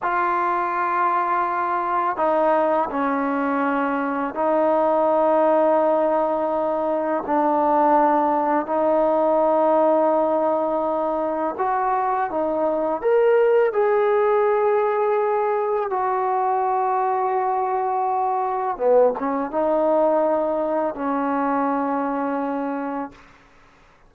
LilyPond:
\new Staff \with { instrumentName = "trombone" } { \time 4/4 \tempo 4 = 83 f'2. dis'4 | cis'2 dis'2~ | dis'2 d'2 | dis'1 |
fis'4 dis'4 ais'4 gis'4~ | gis'2 fis'2~ | fis'2 b8 cis'8 dis'4~ | dis'4 cis'2. | }